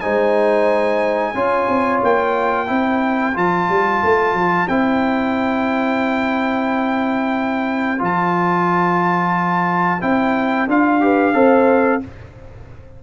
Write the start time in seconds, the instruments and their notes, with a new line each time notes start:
0.00 tuba G#3, trombone D#4, horn C5, trumpet G#5
1.34 tuba C#4, trombone F4, horn C#5
1.68 tuba C4
2.03 tuba A#3, trumpet G5
2.67 tuba C4, trombone E4, horn C5
3.34 tuba F3, trombone F4, trumpet A5
3.69 tuba G3
4.03 tuba A3
4.33 tuba F3
4.68 tuba C4, trombone E4, trumpet G5
7.99 tuba F3, trombone F4, trumpet A5
10.01 tuba C4, trombone E4, trumpet G5
10.67 tuba D4, trombone F4, trumpet F5
11.01 trombone G4, horn B4
11.34 tuba C4, trombone A4, horn C5